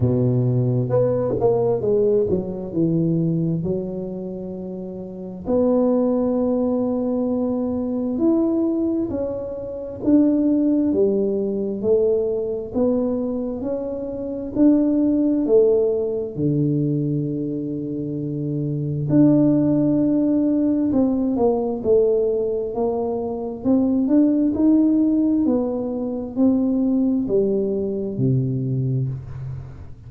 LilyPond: \new Staff \with { instrumentName = "tuba" } { \time 4/4 \tempo 4 = 66 b,4 b8 ais8 gis8 fis8 e4 | fis2 b2~ | b4 e'4 cis'4 d'4 | g4 a4 b4 cis'4 |
d'4 a4 d2~ | d4 d'2 c'8 ais8 | a4 ais4 c'8 d'8 dis'4 | b4 c'4 g4 c4 | }